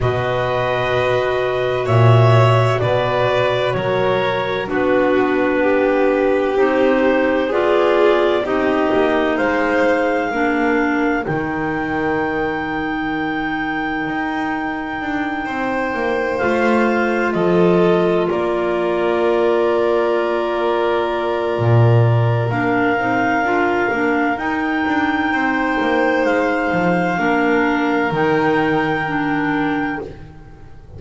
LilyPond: <<
  \new Staff \with { instrumentName = "clarinet" } { \time 4/4 \tempo 4 = 64 dis''2 e''4 d''4 | cis''4 b'2 c''4 | d''4 dis''4 f''2 | g''1~ |
g''4. f''4 dis''4 d''8~ | d''1 | f''2 g''2 | f''2 g''2 | }
  \new Staff \with { instrumentName = "violin" } { \time 4/4 b'2 cis''4 b'4 | ais'4 fis'4 g'2 | gis'4 g'4 c''4 ais'4~ | ais'1~ |
ais'8 c''2 a'4 ais'8~ | ais'1~ | ais'2. c''4~ | c''4 ais'2. | }
  \new Staff \with { instrumentName = "clarinet" } { \time 4/4 fis'1~ | fis'4 d'2 dis'4 | f'4 dis'2 d'4 | dis'1~ |
dis'4. f'2~ f'8~ | f'1 | d'8 dis'8 f'8 d'8 dis'2~ | dis'4 d'4 dis'4 d'4 | }
  \new Staff \with { instrumentName = "double bass" } { \time 4/4 b,2 ais,4 b,4 | fis4 b2 c'4 | b4 c'8 ais8 gis4 ais4 | dis2. dis'4 |
d'8 c'8 ais8 a4 f4 ais8~ | ais2. ais,4 | ais8 c'8 d'8 ais8 dis'8 d'8 c'8 ais8 | gis8 f8 ais4 dis2 | }
>>